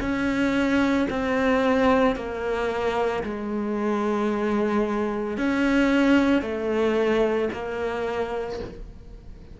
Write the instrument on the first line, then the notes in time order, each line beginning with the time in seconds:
cello
0.00 C#4
1.10 C4
2.15 A#3
3.23 G#3
5.37 C#4
6.41 A3
7.52 A#3